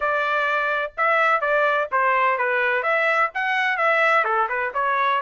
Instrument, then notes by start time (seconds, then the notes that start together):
trumpet
0.00 D5
0.97 E5
1.40 D5
1.91 C5
2.38 B4
2.82 E5
3.34 F#5
3.77 E5
4.24 A4
4.48 B4
4.74 C#5